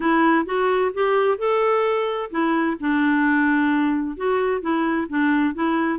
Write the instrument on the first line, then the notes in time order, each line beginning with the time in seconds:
clarinet
0.00 E4
0.45 F#4
0.94 G4
1.38 A4
2.31 E4
2.79 D4
4.16 F#4
4.61 E4
5.09 D4
5.54 E4